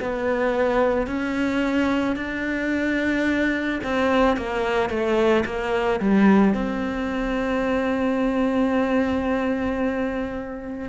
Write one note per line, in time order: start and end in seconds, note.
0.00 1.07 B3
1.07 2.16 C#4
2.16 3.80 D4
3.83 4.37 C4
4.37 4.89 A#3
4.89 5.44 A3
5.45 6.00 A#3
6.00 6.54 G3
6.54 10.89 C4